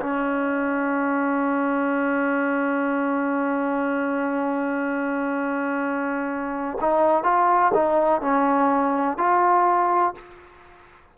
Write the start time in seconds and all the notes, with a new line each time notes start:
0.00 C#4
6.80 D#4
7.23 F4
7.74 D#4
8.21 C#4
9.18 F4